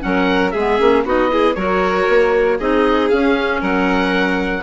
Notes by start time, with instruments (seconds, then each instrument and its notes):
0.00 bassoon F#3, clarinet C#4, violin A#4, oboe F#5
0.51 bassoon G#3, violin G#4, oboe E5
0.58 clarinet B3
0.79 bassoon A#3, clarinet C#4
1.05 bassoon B3, clarinet D#4, violin F#4, oboe D#5
1.29 clarinet E4, violin G#4
1.55 bassoon F#3, clarinet F#4, violin A#4, oboe C#5
2.09 bassoon A#3
2.58 bassoon C4, clarinet D#4, violin G#4, oboe D#5
3.09 bassoon C#4, clarinet C#4, oboe F5
3.60 bassoon F#3, violin A#4, oboe F#5